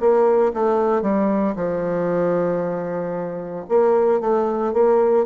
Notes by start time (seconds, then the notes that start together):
0.00 A#3
0.54 A3
1.02 G3
1.56 F3
3.69 A#3
4.21 A3
4.74 A#3